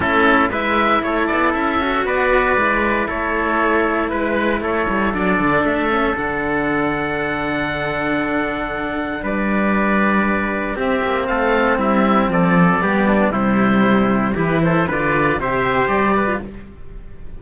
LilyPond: <<
  \new Staff \with { instrumentName = "oboe" } { \time 4/4 \tempo 4 = 117 a'4 e''4 cis''8 d''8 e''4 | d''2 cis''2 | b'4 cis''4 d''4 e''4 | fis''1~ |
fis''2 d''2~ | d''4 e''4 f''4 e''4 | d''2 c''2 | b'8 c''8 d''4 e''4 d''4 | }
  \new Staff \with { instrumentName = "trumpet" } { \time 4/4 e'4 b'4 a'2 | b'2 a'2 | b'4 a'2.~ | a'1~ |
a'2 b'2~ | b'4 g'4 a'4 e'4 | a'4 g'8 d'8 e'2 | g'8 a'8 b'4 c''4. b'8 | }
  \new Staff \with { instrumentName = "cello" } { \time 4/4 cis'4 e'2~ e'8 fis'8~ | fis'4 e'2.~ | e'2 d'4. cis'8 | d'1~ |
d'1~ | d'4 c'2.~ | c'4 b4 g2 | e'4 f'4 g'4.~ g'16 f'16 | }
  \new Staff \with { instrumentName = "cello" } { \time 4/4 a4 gis4 a8 b8 cis'4 | b4 gis4 a2 | gis4 a8 g8 fis8 d8 a4 | d1~ |
d2 g2~ | g4 c'8 ais8 a4 g4 | f4 g4 c2 | e4 d4 c4 g4 | }
>>